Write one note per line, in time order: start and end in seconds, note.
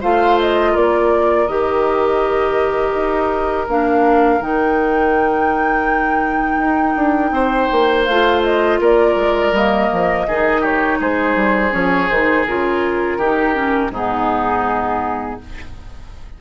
0.00 0.75 A3
0.00 1.48 F4
0.00 0.71 C5
0.00 0.39 F5
0.40 0.76 D#5
0.71 1.48 A#3
0.71 7.30 A#4
0.71 1.47 D5
1.47 2.94 D#3
1.47 3.67 G4
1.47 3.66 D#5
2.94 3.67 D#4
3.67 4.40 A#3
3.67 4.40 D4
3.67 4.41 F5
4.40 6.58 D#3
4.40 8.06 D#4
4.40 8.05 G5
6.58 6.94 D#4
6.96 7.31 D4
7.31 7.67 C4
7.31 8.79 C5
7.71 8.07 A#3
8.05 8.79 A3
8.05 9.54 F4
8.05 8.41 F5
8.43 8.79 D#5
8.79 9.15 A#3
8.79 10.26 A#4
8.79 9.55 D5
9.15 9.52 G#3
9.52 9.88 G3
9.52 10.27 A#3
9.52 10.64 D#5
9.92 10.27 F3
10.27 11.00 D#3
10.27 11.70 D#4
10.27 10.61 G#4
10.61 10.97 G4
10.61 11.00 C#5
11.00 11.35 G#3
11.00 13.18 G#4
11.00 11.73 C5
11.35 11.71 G3
11.70 12.09 F3
11.70 12.07 C#4
11.70 12.09 C#5
12.09 12.46 D#3
12.09 12.47 D#4
12.09 12.45 C5
12.46 13.17 C#3
12.46 13.20 F4
12.46 13.92 A#4
13.17 13.90 D#3
13.17 13.54 D#4
13.17 13.91 G4
13.54 13.90 C#4
13.90 15.36 G#2
13.90 15.40 B3
13.90 15.39 D#4
13.90 15.41 G#4